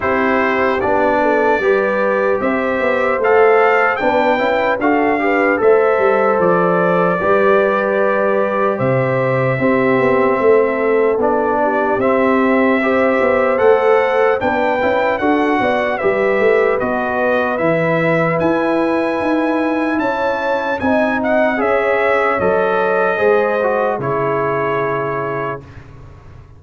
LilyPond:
<<
  \new Staff \with { instrumentName = "trumpet" } { \time 4/4 \tempo 4 = 75 c''4 d''2 e''4 | f''4 g''4 f''4 e''4 | d''2. e''4~ | e''2 d''4 e''4~ |
e''4 fis''4 g''4 fis''4 | e''4 dis''4 e''4 gis''4~ | gis''4 a''4 gis''8 fis''8 e''4 | dis''2 cis''2 | }
  \new Staff \with { instrumentName = "horn" } { \time 4/4 g'4. a'8 b'4 c''4~ | c''4 b'4 a'8 b'8 c''4~ | c''4 b'2 c''4 | g'4 a'4. g'4. |
c''2 b'4 a'8 d''8 | b'1~ | b'4 cis''4 dis''4 cis''4~ | cis''4 c''4 gis'2 | }
  \new Staff \with { instrumentName = "trombone" } { \time 4/4 e'4 d'4 g'2 | a'4 d'8 e'8 fis'8 g'8 a'4~ | a'4 g'2. | c'2 d'4 c'4 |
g'4 a'4 d'8 e'8 fis'4 | g'4 fis'4 e'2~ | e'2 dis'4 gis'4 | a'4 gis'8 fis'8 e'2 | }
  \new Staff \with { instrumentName = "tuba" } { \time 4/4 c'4 b4 g4 c'8 b8 | a4 b8 cis'8 d'4 a8 g8 | f4 g2 c4 | c'8 b8 a4 b4 c'4~ |
c'8 b8 a4 b8 cis'8 d'8 b8 | g8 a8 b4 e4 e'4 | dis'4 cis'4 c'4 cis'4 | fis4 gis4 cis2 | }
>>